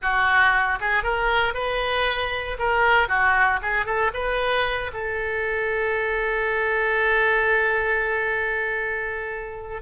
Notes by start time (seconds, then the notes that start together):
0.01 F#4
0.80 G#4
1.03 A#4
1.54 B4
2.58 A#4
3.08 F#4
3.61 G#4
3.85 A4
4.13 B4
4.93 A4